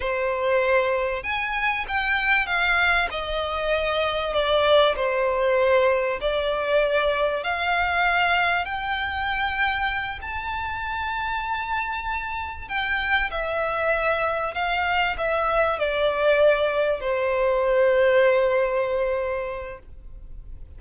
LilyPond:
\new Staff \with { instrumentName = "violin" } { \time 4/4 \tempo 4 = 97 c''2 gis''4 g''4 | f''4 dis''2 d''4 | c''2 d''2 | f''2 g''2~ |
g''8 a''2.~ a''8~ | a''8 g''4 e''2 f''8~ | f''8 e''4 d''2 c''8~ | c''1 | }